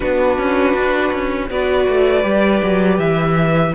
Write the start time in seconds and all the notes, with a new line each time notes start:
0.00 B3 D4 F#4 B4
0.38 C#4
0.73 D4
1.12 C#4
1.50 B3 F#4 B4 D5
1.88 A3
2.23 G3 G4
2.62 F#3
2.98 E3 E5